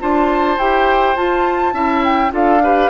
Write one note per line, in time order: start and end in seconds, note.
0.00 0.58 D4
0.00 0.58 F4
0.00 1.74 C5
0.00 0.58 A5
0.58 1.16 E4
0.58 1.16 G4
0.58 1.16 G5
1.16 1.73 F4
1.16 2.02 A5
1.73 2.31 C#4
1.73 2.31 E4
1.73 2.32 E5
2.04 2.33 G5
2.31 2.90 D4
2.31 2.59 F4
2.31 2.62 A4
2.31 2.90 F5
2.63 2.90 G4
2.63 2.90 B4